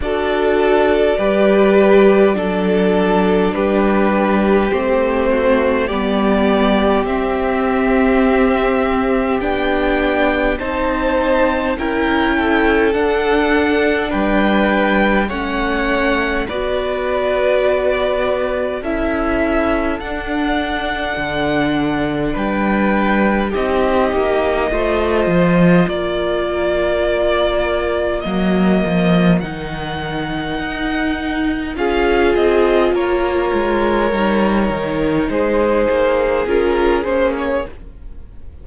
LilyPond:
<<
  \new Staff \with { instrumentName = "violin" } { \time 4/4 \tempo 4 = 51 d''2. b'4 | c''4 d''4 e''2 | g''4 a''4 g''4 fis''4 | g''4 fis''4 d''2 |
e''4 fis''2 g''4 | dis''2 d''2 | dis''4 fis''2 f''8 dis''8 | cis''2 c''4 ais'8 c''16 cis''16 | }
  \new Staff \with { instrumentName = "violin" } { \time 4/4 a'4 b'4 a'4 g'4~ | g'8 fis'8 g'2.~ | g'4 c''4 ais'8 a'4. | b'4 cis''4 b'2 |
a'2. b'4 | g'4 c''4 ais'2~ | ais'2. gis'4 | ais'2 gis'2 | }
  \new Staff \with { instrumentName = "viola" } { \time 4/4 fis'4 g'4 d'2 | c'4 b4 c'2 | d'4 dis'4 e'4 d'4~ | d'4 cis'4 fis'2 |
e'4 d'2. | dis'4 f'2. | ais4 dis'2 f'4~ | f'4 dis'2 f'8 cis'8 | }
  \new Staff \with { instrumentName = "cello" } { \time 4/4 d'4 g4 fis4 g4 | a4 g4 c'2 | b4 c'4 cis'4 d'4 | g4 a4 b2 |
cis'4 d'4 d4 g4 | c'8 ais8 a8 f8 ais2 | fis8 f8 dis4 dis'4 cis'8 c'8 | ais8 gis8 g8 dis8 gis8 ais8 cis'8 ais8 | }
>>